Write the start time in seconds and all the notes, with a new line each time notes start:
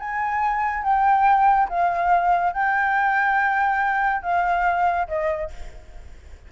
0.00 G#5
0.83 G5
1.69 F5
2.54 G5
4.23 F5
5.08 D#5